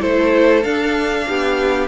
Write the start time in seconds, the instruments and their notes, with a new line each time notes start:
0.00 cello A3, viola E4, violin A4 C5
0.64 cello D4, viola D4, violin F5
1.28 cello B3, violin G4